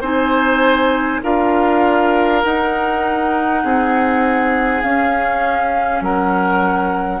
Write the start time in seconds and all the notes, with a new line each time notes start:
0.00 C4 D#4 C5 G#5
1.22 D4 F4 A#4 F5
2.43 D#4 F#5
3.63 C4 G#4
4.82 C#4 F5
6.00 F#3 A#4 F#5